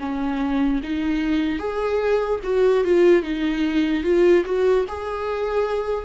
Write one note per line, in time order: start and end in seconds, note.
0.00 0.81 C#4
0.83 1.59 D#4
1.59 2.40 G#4
2.44 2.85 F#4
2.85 3.23 F4
3.23 4.04 D#4
4.04 4.44 F4
4.45 4.86 F#4
4.89 6.06 G#4